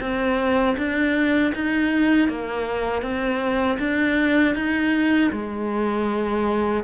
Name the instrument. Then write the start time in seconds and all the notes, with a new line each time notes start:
cello
0.00 C4
0.77 D4
1.54 D#4
2.28 A#3
3.02 C4
3.79 D4
4.55 D#4
5.32 G#3